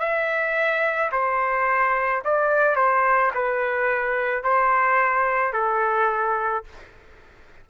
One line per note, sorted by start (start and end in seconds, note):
0.00 1.11 E5
1.12 2.23 C5
2.25 2.76 D5
2.76 3.32 C5
3.35 4.43 B4
4.43 5.53 C5
5.53 6.64 A4